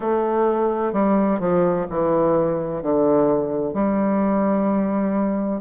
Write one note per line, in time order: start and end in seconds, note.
0.00 0.92 A3
0.92 1.39 G3
1.39 1.86 F3
1.90 2.82 E3
2.82 3.73 D3
3.73 5.61 G3